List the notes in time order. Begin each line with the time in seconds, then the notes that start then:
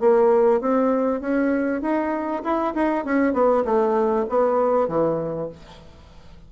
0.00 A#3
0.61 C4
1.21 C#4
1.82 D#4
2.44 E4
2.74 D#4
3.05 C#4
3.33 B3
3.65 A3
4.29 B3
4.88 E3